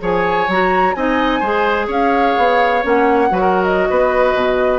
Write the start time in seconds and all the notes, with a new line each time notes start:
0.00 F3 G#4 C#5 G#5
0.48 F#3 F#4 A#5
0.95 C4 D#4 D#5 G#5
1.40 G#3 G#4 C5
1.87 C#4 C#5 F5
2.38 B3
2.83 A#3 C#4 F#5
3.30 F#3 F#4 B4
3.41 A#4
3.64 D#5
3.90 B3 B4
4.35 B2